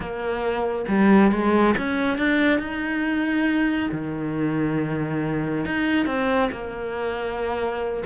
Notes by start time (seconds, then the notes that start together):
0.00 A#3
0.88 G3
1.31 G#3
1.77 C#4
2.18 D4
2.59 D#4
3.91 D#3
5.65 D#4
6.06 C4
6.51 A#3